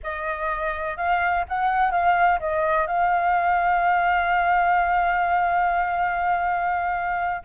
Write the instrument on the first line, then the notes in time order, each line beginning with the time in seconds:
flute
0.03 D#5
0.96 F5
1.48 F#5
1.91 F5
2.39 D#5
2.86 F5